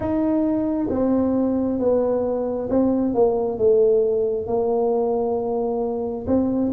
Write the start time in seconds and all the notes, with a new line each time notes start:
0.00 D#4
0.90 C4
1.79 B3
2.69 C4
3.14 A#3
3.57 A3
4.47 A#3
6.26 C4